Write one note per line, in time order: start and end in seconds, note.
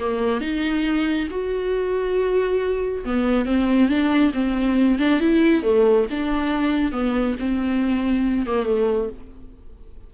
0.00 0.42 A#3
0.42 1.28 D#4
1.31 3.05 F#4
3.05 3.46 B3
3.46 3.89 C4
3.89 4.33 D4
4.34 4.99 C4
4.99 5.21 D4
5.21 5.63 E4
5.63 6.07 A3
6.11 6.93 D4
6.93 7.36 B3
7.40 8.47 C4
8.47 8.67 A#3
8.67 9.10 A3